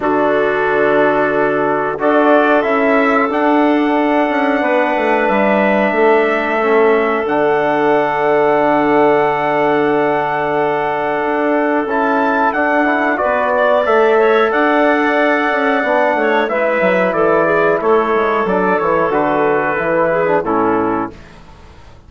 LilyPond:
<<
  \new Staff \with { instrumentName = "trumpet" } { \time 4/4 \tempo 4 = 91 a'2. d''4 | e''4 fis''2. | e''2. fis''4~ | fis''1~ |
fis''2 a''4 fis''4 | d''4 e''4 fis''2~ | fis''4 e''4 d''4 cis''4 | d''8 cis''8 b'2 a'4 | }
  \new Staff \with { instrumentName = "clarinet" } { \time 4/4 fis'2. a'4~ | a'2. b'4~ | b'4 a'2.~ | a'1~ |
a'1 | b'8 d''4 cis''8 d''2~ | d''8 cis''8 b'4 a'8 gis'8 a'4~ | a'2~ a'8 gis'8 e'4 | }
  \new Staff \with { instrumentName = "trombone" } { \time 4/4 d'2. fis'4 | e'4 d'2.~ | d'2 cis'4 d'4~ | d'1~ |
d'2 e'4 d'8 e'8 | fis'4 a'2. | d'4 e'2. | d'8 e'8 fis'4 e'8. d'16 cis'4 | }
  \new Staff \with { instrumentName = "bassoon" } { \time 4/4 d2. d'4 | cis'4 d'4. cis'8 b8 a8 | g4 a2 d4~ | d1~ |
d4 d'4 cis'4 d'4 | b4 a4 d'4. cis'8 | b8 a8 gis8 fis8 e4 a8 gis8 | fis8 e8 d4 e4 a,4 | }
>>